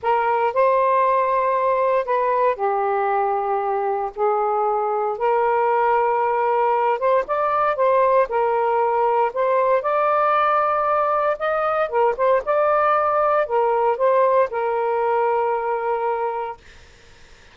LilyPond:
\new Staff \with { instrumentName = "saxophone" } { \time 4/4 \tempo 4 = 116 ais'4 c''2. | b'4 g'2. | gis'2 ais'2~ | ais'4. c''8 d''4 c''4 |
ais'2 c''4 d''4~ | d''2 dis''4 ais'8 c''8 | d''2 ais'4 c''4 | ais'1 | }